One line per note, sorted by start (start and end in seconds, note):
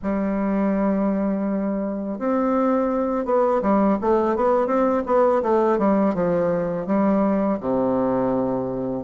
0.02 2.19 G3
2.19 3.25 C4
3.25 3.61 B3
3.61 3.98 G3
4.01 4.35 A3
4.35 4.66 B3
4.66 5.02 C4
5.06 5.42 B3
5.42 5.78 A3
5.78 6.14 G3
6.14 6.86 F3
6.86 7.58 G3
7.60 9.03 C3